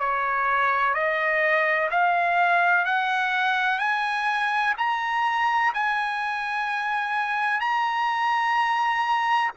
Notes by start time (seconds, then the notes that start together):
0.00 C#5
0.94 D#5
1.91 F5
2.86 F#5
3.79 G#5
4.78 A#5
5.74 G#5
7.61 A#5